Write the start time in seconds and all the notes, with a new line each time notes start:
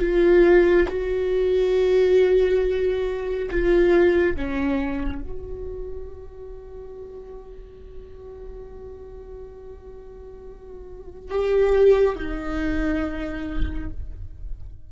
0.00 F4
0.89 F#4
3.51 F4
4.36 C#4
5.22 F#4
11.30 G4
12.16 D#4